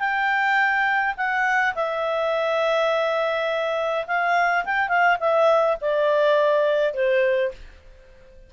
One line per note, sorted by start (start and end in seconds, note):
0.00 1.15 G5
1.17 1.75 F#5
1.75 4.06 E5
4.08 4.65 F5
4.65 4.89 G5
4.89 5.18 F5
5.20 5.78 E5
5.82 6.94 D5
6.94 7.52 C5